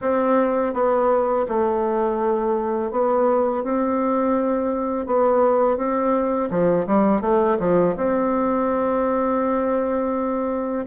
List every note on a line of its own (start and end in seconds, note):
0.01 0.73 C4
0.73 1.46 B3
1.48 2.91 A3
2.91 3.63 B3
3.63 5.06 C4
5.06 5.77 B3
5.77 6.49 C4
6.50 6.86 F3
6.86 7.21 G3
7.21 7.57 A3
7.59 7.95 F3
7.96 10.85 C4